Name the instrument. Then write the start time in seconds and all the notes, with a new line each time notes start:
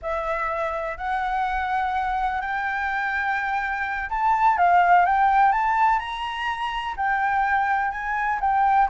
flute
0.01 E5
0.97 F#5
2.41 G5
4.09 A5
4.57 F5
5.05 G5
5.52 A5
5.99 A#5
6.96 G5
7.91 G#5
8.40 G5